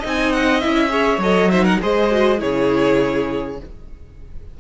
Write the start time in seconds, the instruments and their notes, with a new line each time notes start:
0.00 cello C4, viola D#4, violin D#5
0.08 violin G#5
0.33 violin F#5
0.61 cello C#4, viola E4, violin E5
0.89 viola G#4, violin C#5
1.19 cello F#3, viola A4, violin D#5
1.51 viola D#4, violin C5 E5
1.64 violin A#4 F#5
1.82 cello G#3, viola G#4, violin C5 D#5
2.12 viola F#4
2.39 cello C#3, viola E4, violin G#4 C#5